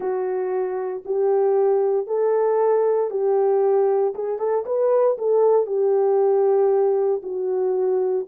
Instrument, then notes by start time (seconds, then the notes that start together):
horn
0.00 F#4
1.05 G4
2.07 A4
3.10 G4
4.14 G#4
4.38 A4
4.65 B4
5.17 A4
5.66 G4
7.22 F#4